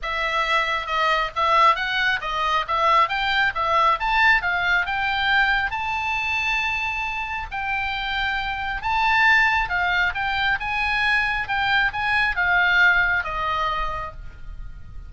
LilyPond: \new Staff \with { instrumentName = "oboe" } { \time 4/4 \tempo 4 = 136 e''2 dis''4 e''4 | fis''4 dis''4 e''4 g''4 | e''4 a''4 f''4 g''4~ | g''4 a''2.~ |
a''4 g''2. | a''2 f''4 g''4 | gis''2 g''4 gis''4 | f''2 dis''2 | }